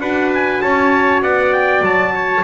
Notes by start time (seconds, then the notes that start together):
0.00 D4 F#4 B4 F#5
0.34 G#5
0.61 C#4 C#5 A5
1.22 B3 D5 F#5
1.53 G5
1.81 F#3 A5
2.14 C#5